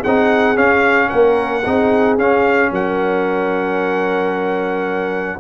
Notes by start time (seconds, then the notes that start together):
0.00 C4 G#4 F#5
0.07 D#4
0.56 C#4 F5
1.09 A#3 A#4 F#5
1.64 C4 D#4 G#4
2.18 C#4 F5
2.71 F#3 A#4 F#5